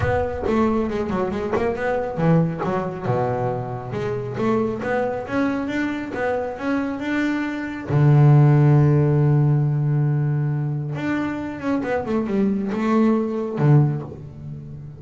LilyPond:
\new Staff \with { instrumentName = "double bass" } { \time 4/4 \tempo 4 = 137 b4 a4 gis8 fis8 gis8 ais8 | b4 e4 fis4 b,4~ | b,4 gis4 a4 b4 | cis'4 d'4 b4 cis'4 |
d'2 d2~ | d1~ | d4 d'4. cis'8 b8 a8 | g4 a2 d4 | }